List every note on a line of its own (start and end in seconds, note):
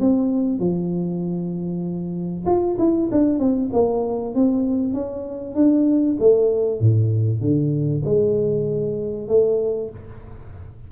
0.00 0.59 C4
0.59 2.45 F3
2.46 2.77 F4
2.78 3.09 E4
3.11 3.39 D4
3.39 3.70 C4
3.73 4.35 A#3
4.35 4.93 C4
4.93 5.55 C#4
5.55 6.17 D4
6.19 6.80 A3
6.80 7.41 A2
7.41 8.03 D3
8.05 9.28 G#3
9.28 9.90 A3